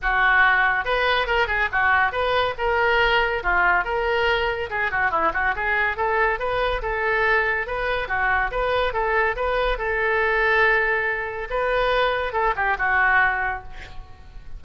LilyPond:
\new Staff \with { instrumentName = "oboe" } { \time 4/4 \tempo 4 = 141 fis'2 b'4 ais'8 gis'8 | fis'4 b'4 ais'2 | f'4 ais'2 gis'8 fis'8 | e'8 fis'8 gis'4 a'4 b'4 |
a'2 b'4 fis'4 | b'4 a'4 b'4 a'4~ | a'2. b'4~ | b'4 a'8 g'8 fis'2 | }